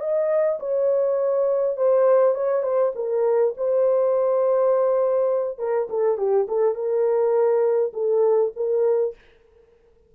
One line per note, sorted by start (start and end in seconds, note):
0.00 0.59 D#5
0.60 1.77 C#5
1.77 2.35 C5
2.35 2.63 C#5
2.63 2.93 C5
2.95 3.54 A#4
3.57 5.59 C5
5.59 5.88 A#4
5.90 6.17 A4
6.17 6.47 G4
6.48 6.75 A4
6.75 7.93 A#4
7.94 8.52 A4
8.56 9.15 A#4